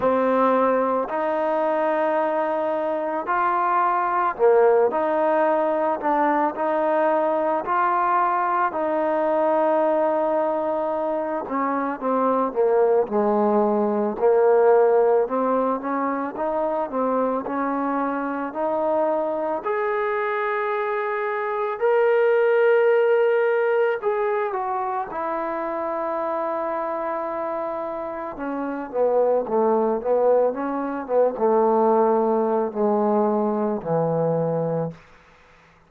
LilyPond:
\new Staff \with { instrumentName = "trombone" } { \time 4/4 \tempo 4 = 55 c'4 dis'2 f'4 | ais8 dis'4 d'8 dis'4 f'4 | dis'2~ dis'8 cis'8 c'8 ais8 | gis4 ais4 c'8 cis'8 dis'8 c'8 |
cis'4 dis'4 gis'2 | ais'2 gis'8 fis'8 e'4~ | e'2 cis'8 b8 a8 b8 | cis'8 b16 a4~ a16 gis4 e4 | }